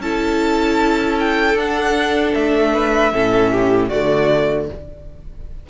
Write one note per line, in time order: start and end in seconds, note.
0.00 1.55 C#4
0.00 1.58 E4
0.00 2.74 A4
0.00 1.19 A5
1.20 1.59 G5
1.55 2.33 D4
1.55 3.13 D4
1.55 2.34 F#5
2.34 3.13 A3
2.34 3.89 E5
2.74 3.13 B4
3.13 3.91 A2
3.13 3.91 C#4
3.13 3.52 A4
3.52 3.89 G4
3.89 4.70 D3
3.89 4.70 A3
3.89 4.67 F#4
3.89 4.67 D5